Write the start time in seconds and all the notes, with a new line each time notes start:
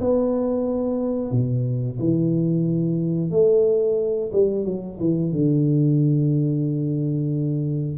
0.00 B3
1.31 B2
1.99 E3
3.31 A3
4.32 G3
4.65 F#3
4.99 E3
5.32 D3